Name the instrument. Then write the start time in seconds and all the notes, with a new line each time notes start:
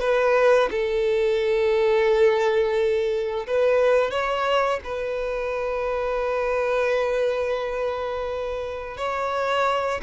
violin
0.00 B4
0.71 A4
3.47 B4
4.11 C#5
4.84 B4
8.97 C#5